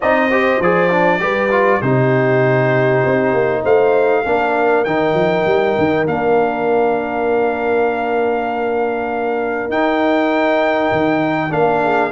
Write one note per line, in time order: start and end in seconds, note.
0.00 0.59 C4
0.00 0.30 D#4
0.00 0.29 D5
0.00 0.61 D#5
0.29 0.61 G4
0.29 1.20 C5
0.59 1.20 F3
0.59 0.90 G#4
0.59 1.81 D5
0.90 1.19 D4
1.19 1.81 G3
1.19 1.49 G4
1.19 1.82 B4
1.51 1.81 F4
1.81 3.02 C3
1.81 4.24 D#4
1.81 3.62 G4
1.81 3.63 C5
3.04 3.33 C4
3.33 3.63 A#3
3.62 4.25 A3
3.62 4.23 C5
3.62 4.84 F5
4.24 4.86 A#3
4.24 4.85 D4
4.24 11.82 A#4
4.84 5.13 D#3
4.84 6.07 D#4
4.84 6.05 G5
5.13 5.43 F3
5.45 5.75 G3
5.78 6.06 D#3
6.06 9.68 A#3
6.06 9.70 D4
6.06 9.71 F5
9.68 10.89 D#4
9.68 11.49 D#4
9.68 11.52 G5
10.91 11.51 D#3
11.49 12.11 A#3
11.49 12.10 D4
11.49 12.11 F5
11.82 12.11 G#4